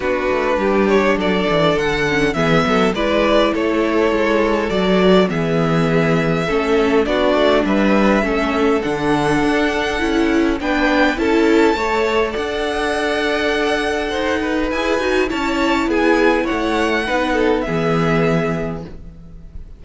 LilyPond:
<<
  \new Staff \with { instrumentName = "violin" } { \time 4/4 \tempo 4 = 102 b'4. cis''8 d''4 fis''4 | e''4 d''4 cis''2 | d''4 e''2. | d''4 e''2 fis''4~ |
fis''2 g''4 a''4~ | a''4 fis''2.~ | fis''4 gis''4 a''4 gis''4 | fis''2 e''2 | }
  \new Staff \with { instrumentName = "violin" } { \time 4/4 fis'4 g'4 a'2 | gis'8 a'8 b'4 a'2~ | a'4 gis'2 a'4 | fis'4 b'4 a'2~ |
a'2 b'4 a'4 | cis''4 d''2. | c''8 b'4. cis''4 gis'4 | cis''4 b'8 a'8 gis'2 | }
  \new Staff \with { instrumentName = "viola" } { \time 4/4 d'2.~ d'8 cis'8 | b4 e'2. | fis'4 b2 cis'4 | d'2 cis'4 d'4~ |
d'4 e'4 d'4 e'4 | a'1~ | a'4 gis'8 fis'8 e'2~ | e'4 dis'4 b2 | }
  \new Staff \with { instrumentName = "cello" } { \time 4/4 b8 a8 g4 fis8 e8 d4 | e8 fis8 gis4 a4 gis4 | fis4 e2 a4 | b8 a8 g4 a4 d4 |
d'4 cis'4 b4 cis'4 | a4 d'2. | dis'4 e'8 dis'8 cis'4 b4 | a4 b4 e2 | }
>>